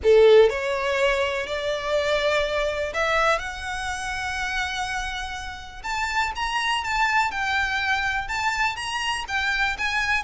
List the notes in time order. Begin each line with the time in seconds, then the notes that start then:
0.03 A4
0.49 C#5
1.46 D5
2.93 E5
3.38 F#5
5.83 A5
6.35 A#5
6.83 A5
7.31 G5
8.27 A5
8.76 A#5
9.28 G5
9.78 G#5